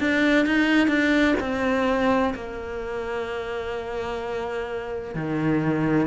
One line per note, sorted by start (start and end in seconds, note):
0.00 0.46 D4
0.46 0.88 D#4
0.88 1.35 D4
1.40 2.34 C4
2.34 5.15 A#3
5.15 6.07 D#3